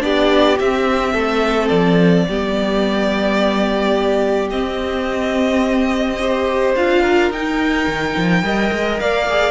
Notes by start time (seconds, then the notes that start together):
0.00 B3 D4 G4 D5
0.59 C4 E5
1.13 A3 A4
1.68 F3 D5
2.29 G3 B3 G4
4.51 C4 D#5
6.20 G4 C5
6.75 D4 F4 F5
7.02 A#4
7.31 D#4 G5
7.87 D#3
8.17 F3
8.43 G3 A#4 D#5
8.72 G#3
9.00 A#3 D5 F5
9.29 G#4